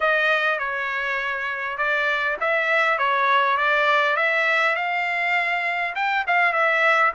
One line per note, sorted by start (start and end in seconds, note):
0.00 0.58 D#5
0.58 1.77 C#5
1.77 2.37 D5
2.40 2.98 E5
2.98 3.57 C#5
3.57 4.16 D5
4.16 4.75 E5
4.75 5.94 F5
5.95 6.25 G5
6.27 6.52 F5
6.52 7.12 E5